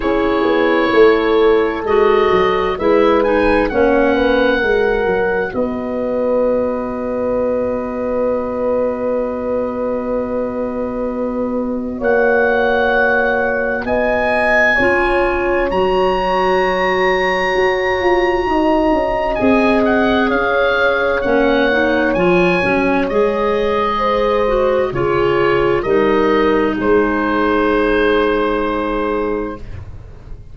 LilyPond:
<<
  \new Staff \with { instrumentName = "oboe" } { \time 4/4 \tempo 4 = 65 cis''2 dis''4 e''8 gis''8 | fis''2 dis''2~ | dis''1~ | dis''4 fis''2 gis''4~ |
gis''4 ais''2.~ | ais''4 gis''8 fis''8 f''4 fis''4 | gis''4 dis''2 cis''4 | dis''4 c''2. | }
  \new Staff \with { instrumentName = "horn" } { \time 4/4 gis'4 a'2 b'4 | cis''8 b'8 ais'4 b'2~ | b'1~ | b'4 cis''2 dis''4 |
cis''1 | dis''2 cis''2~ | cis''2 c''4 gis'4 | ais'4 gis'2. | }
  \new Staff \with { instrumentName = "clarinet" } { \time 4/4 e'2 fis'4 e'8 dis'8 | cis'4 fis'2.~ | fis'1~ | fis'1 |
f'4 fis'2.~ | fis'4 gis'2 cis'8 dis'8 | f'8 cis'8 gis'4. fis'8 f'4 | dis'1 | }
  \new Staff \with { instrumentName = "tuba" } { \time 4/4 cis'8 b8 a4 gis8 fis8 gis4 | ais4 gis8 fis8 b2~ | b1~ | b4 ais2 b4 |
cis'4 fis2 fis'8 f'8 | dis'8 cis'8 c'4 cis'4 ais4 | f8 fis8 gis2 cis4 | g4 gis2. | }
>>